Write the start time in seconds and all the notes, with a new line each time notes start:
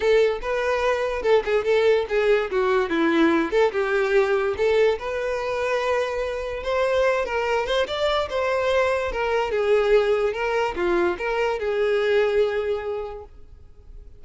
0.00 A4
0.41 B4
1.22 A4
1.44 G#4
1.64 A4
2.09 G#4
2.50 F#4
2.89 E4
3.51 A4
3.72 G4
4.57 A4
4.98 B4
6.63 C5
7.25 A#4
7.66 C5
7.87 D5
8.29 C5
9.12 A#4
9.51 G#4
10.33 A#4
10.75 F4
11.18 A#4
11.59 G#4